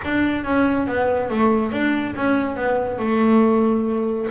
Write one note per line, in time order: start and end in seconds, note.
0.04 0.44 D4
0.44 0.87 C#4
0.87 1.30 B3
1.30 1.71 A3
1.71 2.14 D4
2.15 2.56 C#4
2.56 2.98 B3
2.99 4.27 A3